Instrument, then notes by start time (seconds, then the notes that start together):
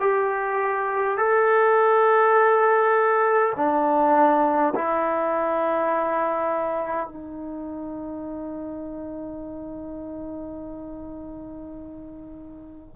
trombone
0.00 G4
1.17 A4
3.56 D4
4.74 E4
7.07 D#4